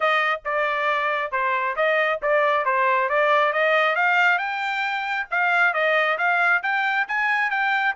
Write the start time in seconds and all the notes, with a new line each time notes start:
0.00 D#5
0.45 D5
1.31 C5
1.75 D#5
2.22 D5
2.65 C5
3.09 D5
3.52 D#5
3.95 F5
4.38 G5
5.30 F5
5.73 D#5
6.18 F5
6.63 G5
7.07 G#5
7.50 G5